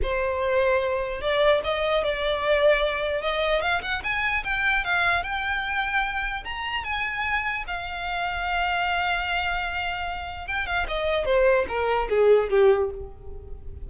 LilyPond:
\new Staff \with { instrumentName = "violin" } { \time 4/4 \tempo 4 = 149 c''2. d''4 | dis''4 d''2. | dis''4 f''8 fis''8 gis''4 g''4 | f''4 g''2. |
ais''4 gis''2 f''4~ | f''1~ | f''2 g''8 f''8 dis''4 | c''4 ais'4 gis'4 g'4 | }